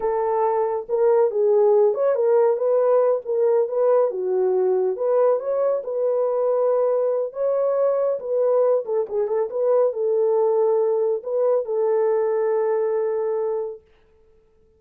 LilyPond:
\new Staff \with { instrumentName = "horn" } { \time 4/4 \tempo 4 = 139 a'2 ais'4 gis'4~ | gis'8 cis''8 ais'4 b'4. ais'8~ | ais'8 b'4 fis'2 b'8~ | b'8 cis''4 b'2~ b'8~ |
b'4 cis''2 b'4~ | b'8 a'8 gis'8 a'8 b'4 a'4~ | a'2 b'4 a'4~ | a'1 | }